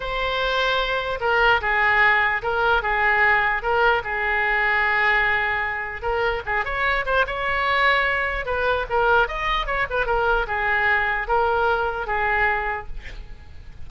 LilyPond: \new Staff \with { instrumentName = "oboe" } { \time 4/4 \tempo 4 = 149 c''2. ais'4 | gis'2 ais'4 gis'4~ | gis'4 ais'4 gis'2~ | gis'2. ais'4 |
gis'8 cis''4 c''8 cis''2~ | cis''4 b'4 ais'4 dis''4 | cis''8 b'8 ais'4 gis'2 | ais'2 gis'2 | }